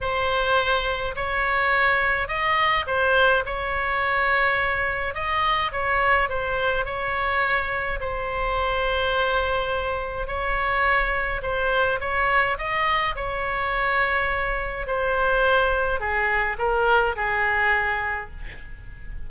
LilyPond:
\new Staff \with { instrumentName = "oboe" } { \time 4/4 \tempo 4 = 105 c''2 cis''2 | dis''4 c''4 cis''2~ | cis''4 dis''4 cis''4 c''4 | cis''2 c''2~ |
c''2 cis''2 | c''4 cis''4 dis''4 cis''4~ | cis''2 c''2 | gis'4 ais'4 gis'2 | }